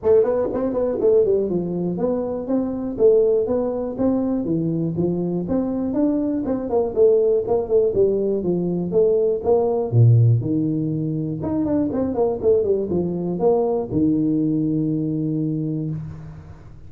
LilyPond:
\new Staff \with { instrumentName = "tuba" } { \time 4/4 \tempo 4 = 121 a8 b8 c'8 b8 a8 g8 f4 | b4 c'4 a4 b4 | c'4 e4 f4 c'4 | d'4 c'8 ais8 a4 ais8 a8 |
g4 f4 a4 ais4 | ais,4 dis2 dis'8 d'8 | c'8 ais8 a8 g8 f4 ais4 | dis1 | }